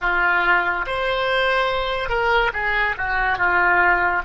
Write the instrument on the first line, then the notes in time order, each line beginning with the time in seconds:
oboe
0.01 F4
0.86 C5
2.09 A#4
2.53 G#4
2.97 F#4
3.38 F4